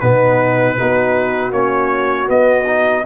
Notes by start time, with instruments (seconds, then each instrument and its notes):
0.00 tuba B2, trombone B3, horn D#4, trumpet B4
0.77 tuba B3, trombone D#4, horn F#4
1.52 tuba A#3, trombone C#4, trumpet C#5
2.27 trombone B3, tuba B3, trumpet D#5
2.66 trombone D#4